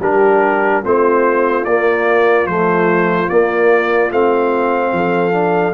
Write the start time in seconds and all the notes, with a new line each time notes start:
0.00 G3 D4 G4 A#4
0.84 A3 C4 F4 C5
1.65 A#3 D5
2.46 F3 A3 C5
3.29 A#3 D5
4.11 A3 C4 F5
4.92 F3 A4
5.32 D4